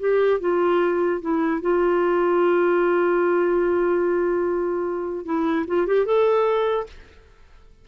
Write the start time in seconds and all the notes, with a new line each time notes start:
0.00 G4
0.40 F4
1.21 E4
1.61 F4
5.25 E4
5.68 F4
5.87 G4
6.06 A4